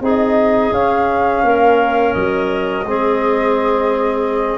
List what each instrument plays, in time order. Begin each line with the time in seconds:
0.00 tuba C4, trombone D#4, clarinet G#4, flute D#5
0.71 tuba C#4, trombone C#4, flute F5
1.44 tuba A#3, clarinet A#4
2.13 tuba F#3, flute D#5
2.85 tuba G#3, trombone C4, clarinet G#4